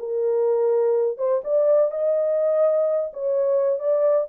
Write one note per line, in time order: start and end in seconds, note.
0.00 1.18 A#4
1.18 1.42 C5
1.44 1.92 D5
1.92 3.12 D#5
3.14 3.79 C#5
3.79 4.27 D5